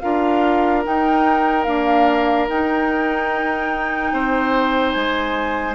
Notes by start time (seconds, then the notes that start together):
0.00 D4 F4 A#4 F5
0.84 D#4 G5
1.64 A#3 D4 F5
2.48 D#4 G5
4.12 C4 C5
4.91 G#3 G#5